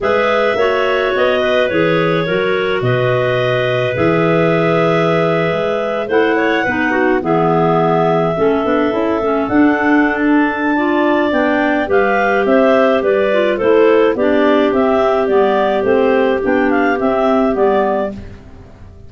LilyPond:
<<
  \new Staff \with { instrumentName = "clarinet" } { \time 4/4 \tempo 4 = 106 e''2 dis''4 cis''4~ | cis''4 dis''2 e''4~ | e''2~ e''8. fis''4~ fis''16~ | fis''8. e''2.~ e''16~ |
e''8. fis''4~ fis''16 a''2 | g''4 f''4 e''4 d''4 | c''4 d''4 e''4 d''4 | c''4 g''8 f''8 e''4 d''4 | }
  \new Staff \with { instrumentName = "clarinet" } { \time 4/4 b'4 cis''4. b'4. | ais'4 b'2.~ | b'2~ b'8. c''8 cis''8 b'16~ | b'16 fis'8 gis'2 a'4~ a'16~ |
a'2. d''4~ | d''4 b'4 c''4 b'4 | a'4 g'2.~ | g'1 | }
  \new Staff \with { instrumentName = "clarinet" } { \time 4/4 gis'4 fis'2 gis'4 | fis'2. gis'4~ | gis'2~ gis'8. e'4 dis'16~ | dis'8. b2 cis'8 d'8 e'16~ |
e'16 cis'8 d'2~ d'16 f'4 | d'4 g'2~ g'8 f'8 | e'4 d'4 c'4 b4 | c'4 d'4 c'4 b4 | }
  \new Staff \with { instrumentName = "tuba" } { \time 4/4 gis4 ais4 b4 e4 | fis4 b,2 e4~ | e4.~ e16 gis4 a4 b16~ | b8. e2 a8 b8 cis'16~ |
cis'16 a8 d'2.~ d'16 | b4 g4 c'4 g4 | a4 b4 c'4 g4 | a4 b4 c'4 g4 | }
>>